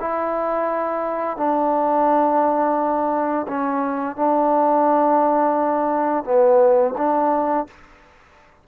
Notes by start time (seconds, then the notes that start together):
0.00 E4
1.37 D4
3.48 C#4
4.16 D4
6.24 B3
6.97 D4